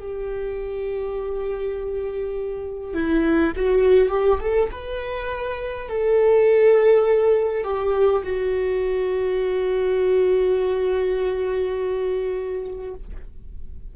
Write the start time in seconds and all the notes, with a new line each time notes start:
0.00 G4
2.95 E4
3.57 F#4
4.10 G4
4.41 A4
4.72 B4
5.89 A4
7.65 G4
8.24 F#4